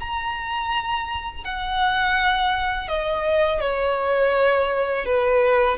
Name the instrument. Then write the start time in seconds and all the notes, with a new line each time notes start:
violin
0.00 A#5
1.44 F#5
2.88 D#5
3.61 C#5
5.05 B4